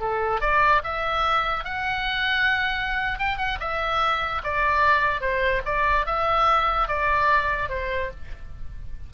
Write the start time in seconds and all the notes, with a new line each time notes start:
0.00 A4
0.41 D5
0.84 E5
1.65 F#5
3.19 G5
3.38 F#5
3.60 E5
4.44 D5
5.21 C5
5.65 D5
6.06 E5
6.88 D5
7.69 C5